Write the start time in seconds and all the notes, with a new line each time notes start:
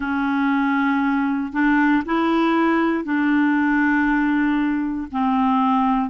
0.00 C#4
1.52 D4
2.05 E4
3.04 D4
5.11 C4